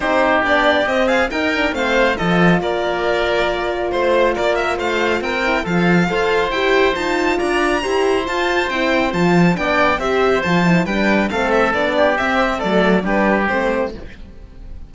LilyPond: <<
  \new Staff \with { instrumentName = "violin" } { \time 4/4 \tempo 4 = 138 c''4 d''4 dis''8 f''8 g''4 | f''4 dis''4 d''2~ | d''4 c''4 d''8 e''8 f''4 | g''4 f''2 g''4 |
a''4 ais''2 a''4 | g''4 a''4 g''4 e''4 | a''4 g''4 f''8 e''8 d''4 | e''4 d''4 b'4 c''4 | }
  \new Staff \with { instrumentName = "oboe" } { \time 4/4 g'2~ g'8 gis'8 ais'4 | c''4 a'4 ais'2~ | ais'4 c''4 ais'4 c''4 | ais'4 a'4 c''2~ |
c''4 d''4 c''2~ | c''2 d''4 c''4~ | c''4 b'4 a'4. g'8~ | g'4 a'4 g'2 | }
  \new Staff \with { instrumentName = "horn" } { \time 4/4 dis'4 d'4 c'4 dis'8 d'8 | c'4 f'2.~ | f'1~ | f'8 e'8 f'4 a'4 g'4 |
f'2 g'4 f'4 | e'4 f'4 d'4 g'4 | f'8 e'8 d'4 c'4 d'4 | c'4 a4 d'4 c'4 | }
  \new Staff \with { instrumentName = "cello" } { \time 4/4 c'4 b4 c'4 dis'4 | a4 f4 ais2~ | ais4 a4 ais4 a4 | c'4 f4 f'4 e'4 |
dis'4 d'4 e'4 f'4 | c'4 f4 b4 c'4 | f4 g4 a4 b4 | c'4 fis4 g4 a4 | }
>>